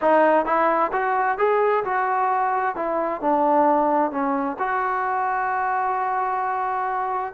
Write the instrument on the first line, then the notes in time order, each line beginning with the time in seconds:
trombone
0.01 D#4
0.45 E4
0.92 F#4
1.38 G#4
1.84 F#4
2.75 E4
3.21 D4
4.11 C#4
4.58 F#4